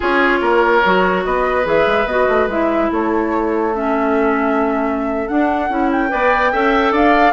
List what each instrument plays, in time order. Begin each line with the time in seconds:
0.00 bassoon C#4, clarinet F4, oboe G#4, flute C#5
0.41 bassoon A#3, oboe A#4
0.85 bassoon F#3, clarinet F#4
1.24 bassoon B3, oboe B4, flute D#5
1.63 bassoon E3, clarinet G#4, flute E5
1.86 bassoon G#3
2.05 bassoon B3, clarinet F#4, flute D#5
2.28 bassoon A3
2.47 bassoon G#3, clarinet E4, flute E5
2.90 bassoon A3, oboe A4, flute C#5
3.74 clarinet C#4, flute E5
5.28 clarinet D4, bassoon D4, flute F#5
5.69 bassoon C#4, clarinet E4
5.91 flute G5
6.08 bassoon B3, clarinet B4, oboe D5
6.52 bassoon C#4, clarinet A4, oboe E5
6.91 bassoon D4, oboe D5, flute F5